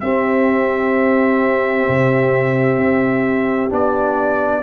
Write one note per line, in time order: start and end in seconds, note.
0.00 3.70 C4
0.00 1.87 C4
0.00 4.63 G4
0.00 3.69 E5
1.89 2.77 C3
2.77 3.70 C4
3.70 4.63 B3
3.70 4.62 D4
3.70 4.63 D5